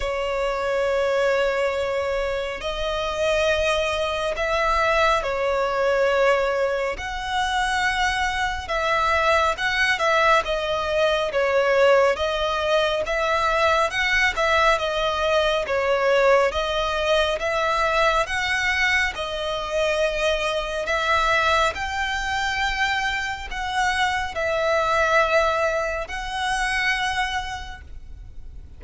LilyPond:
\new Staff \with { instrumentName = "violin" } { \time 4/4 \tempo 4 = 69 cis''2. dis''4~ | dis''4 e''4 cis''2 | fis''2 e''4 fis''8 e''8 | dis''4 cis''4 dis''4 e''4 |
fis''8 e''8 dis''4 cis''4 dis''4 | e''4 fis''4 dis''2 | e''4 g''2 fis''4 | e''2 fis''2 | }